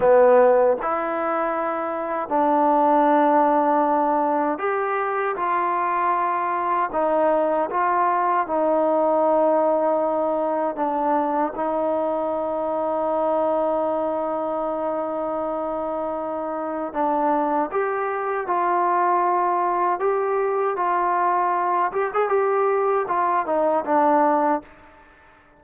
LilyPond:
\new Staff \with { instrumentName = "trombone" } { \time 4/4 \tempo 4 = 78 b4 e'2 d'4~ | d'2 g'4 f'4~ | f'4 dis'4 f'4 dis'4~ | dis'2 d'4 dis'4~ |
dis'1~ | dis'2 d'4 g'4 | f'2 g'4 f'4~ | f'8 g'16 gis'16 g'4 f'8 dis'8 d'4 | }